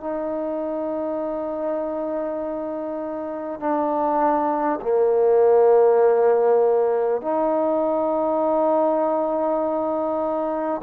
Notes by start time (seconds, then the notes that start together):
0.00 D#4
3.59 D4
4.81 A#3
7.21 D#4